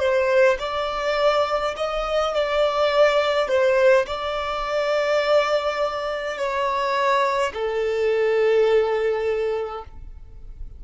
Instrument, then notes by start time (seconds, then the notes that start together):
violin
0.00 C5
0.59 D5
1.77 D#5
2.34 D5
3.48 C5
4.07 D5
6.38 C#5
7.54 A4